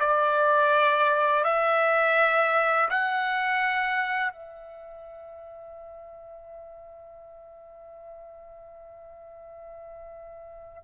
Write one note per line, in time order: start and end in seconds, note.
0.00 1.45 D5
1.45 2.89 E5
2.90 4.32 F#5
4.32 10.83 E5